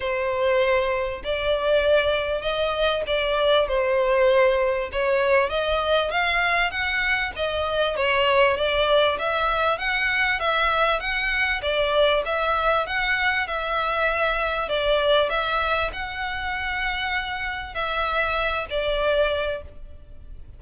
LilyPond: \new Staff \with { instrumentName = "violin" } { \time 4/4 \tempo 4 = 98 c''2 d''2 | dis''4 d''4 c''2 | cis''4 dis''4 f''4 fis''4 | dis''4 cis''4 d''4 e''4 |
fis''4 e''4 fis''4 d''4 | e''4 fis''4 e''2 | d''4 e''4 fis''2~ | fis''4 e''4. d''4. | }